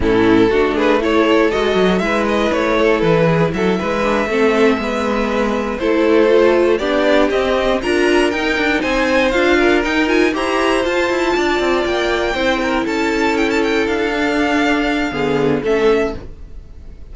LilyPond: <<
  \new Staff \with { instrumentName = "violin" } { \time 4/4 \tempo 4 = 119 a'4. b'8 cis''4 dis''4 | e''8 dis''8 cis''4 b'4 e''4~ | e''2.~ e''8 c''8~ | c''4. d''4 dis''4 ais''8~ |
ais''8 g''4 gis''4 f''4 g''8 | gis''8 ais''4 a''2 g''8~ | g''4. a''4 g''16 a''16 g''8 f''8~ | f''2. e''4 | }
  \new Staff \with { instrumentName = "violin" } { \time 4/4 e'4 fis'8 gis'8 a'2 | b'4. a'4 gis'8 a'8 b'8~ | b'8 a'4 b'2 a'8~ | a'4. g'2 ais'8~ |
ais'4. c''4. ais'4~ | ais'8 c''2 d''4.~ | d''8 c''8 ais'8 a'2~ a'8~ | a'2 gis'4 a'4 | }
  \new Staff \with { instrumentName = "viola" } { \time 4/4 cis'4 d'4 e'4 fis'4 | e'1 | d'8 c'4 b2 e'8~ | e'8 f'4 d'4 c'4 f'8~ |
f'8 dis'2 f'4 dis'8 | f'8 g'4 f'2~ f'8~ | f'8 e'2.~ e'8 | d'2 b4 cis'4 | }
  \new Staff \with { instrumentName = "cello" } { \time 4/4 a,4 a2 gis8 fis8 | gis4 a4 e4 fis8 gis8~ | gis8 a4 gis2 a8~ | a4. b4 c'4 d'8~ |
d'8 dis'8 d'8 c'4 d'4 dis'8~ | dis'8 e'4 f'8 e'8 d'8 c'8 ais8~ | ais8 c'4 cis'2 d'8~ | d'2 d4 a4 | }
>>